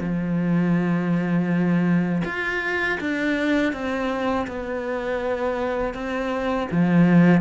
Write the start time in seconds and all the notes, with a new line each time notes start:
0.00 F3
2.25 F4
3.00 D4
3.73 C4
4.47 B3
5.94 C4
6.72 F3